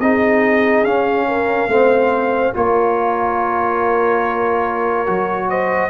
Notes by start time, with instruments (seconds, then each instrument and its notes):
0.00 tuba C4, trombone D#4, horn G#4, trumpet D#5
0.84 tuba C#4, trombone C#4, trumpet F5
1.28 horn A#4
1.67 tuba A3, trombone C4, horn C5
2.53 tuba A#3, trombone F4, horn A#4, trumpet C#5
5.06 tuba F#3, trombone F#4
5.49 horn C5, trumpet D#5